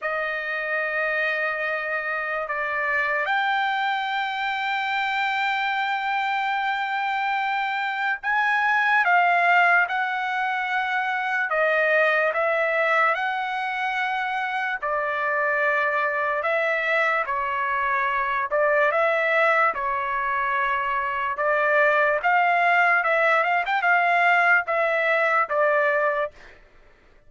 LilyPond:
\new Staff \with { instrumentName = "trumpet" } { \time 4/4 \tempo 4 = 73 dis''2. d''4 | g''1~ | g''2 gis''4 f''4 | fis''2 dis''4 e''4 |
fis''2 d''2 | e''4 cis''4. d''8 e''4 | cis''2 d''4 f''4 | e''8 f''16 g''16 f''4 e''4 d''4 | }